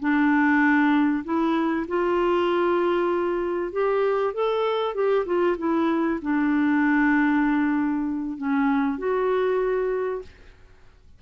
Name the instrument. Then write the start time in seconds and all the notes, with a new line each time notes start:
clarinet
0.00 D4
1.25 E4
1.88 F4
3.72 G4
4.34 A4
4.95 G4
5.26 F4
5.58 E4
6.22 D4
8.37 C#4
8.98 F#4